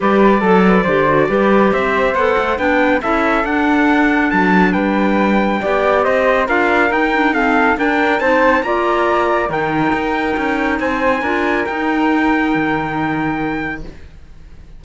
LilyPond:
<<
  \new Staff \with { instrumentName = "trumpet" } { \time 4/4 \tempo 4 = 139 d''1 | e''4 fis''4 g''4 e''4 | fis''2 a''4 g''4~ | g''2 dis''4 f''4 |
g''4 f''4 g''4 a''4 | ais''2 g''2~ | g''4 gis''2 g''4~ | g''1 | }
  \new Staff \with { instrumentName = "flute" } { \time 4/4 b'4 a'8 b'8 c''4 b'4 | c''2 b'4 a'4~ | a'2. b'4~ | b'4 d''4 c''4 ais'4~ |
ais'4 a'4 ais'4 c''4 | d''2 ais'2~ | ais'4 c''4 ais'2~ | ais'1 | }
  \new Staff \with { instrumentName = "clarinet" } { \time 4/4 g'4 a'4 g'8 fis'8 g'4~ | g'4 a'4 d'4 e'4 | d'1~ | d'4 g'2 f'4 |
dis'8 d'8 c'4 d'4 dis'4 | f'2 dis'2~ | dis'2 f'4 dis'4~ | dis'1 | }
  \new Staff \with { instrumentName = "cello" } { \time 4/4 g4 fis4 d4 g4 | c'4 b8 a8 b4 cis'4 | d'2 fis4 g4~ | g4 b4 c'4 d'4 |
dis'2 d'4 c'4 | ais2 dis4 dis'4 | cis'4 c'4 d'4 dis'4~ | dis'4 dis2. | }
>>